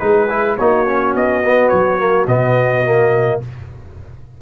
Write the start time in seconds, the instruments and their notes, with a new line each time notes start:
0.00 tuba G#3, trombone D#4, horn G#4, trumpet B4
0.30 trombone E4
0.57 tuba A#3, trombone D#4, horn F#4, trumpet C#5
0.87 trombone C#4
1.15 tuba B3, trumpet D#5
1.45 trombone B3
1.69 tuba F#3, trumpet C#5
1.99 trombone A#3
2.28 tuba B2, trombone B3, trumpet D#5
2.85 trombone A#3